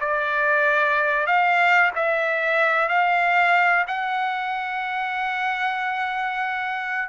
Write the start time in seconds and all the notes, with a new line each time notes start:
0.00 D5
1.26 F5
1.95 E5
2.88 F5
3.87 F#5